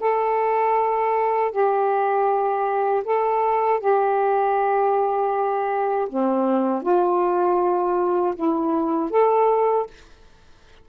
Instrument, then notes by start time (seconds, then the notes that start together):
saxophone
0.00 A4
1.52 G4
3.05 A4
3.80 G4
6.09 C4
6.83 F4
8.36 E4
9.11 A4